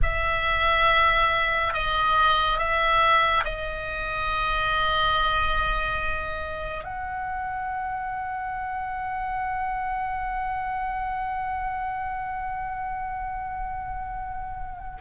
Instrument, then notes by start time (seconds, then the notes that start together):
oboe
0.02 E5
1.73 D#5
2.58 E5
3.44 D#5
6.84 F#5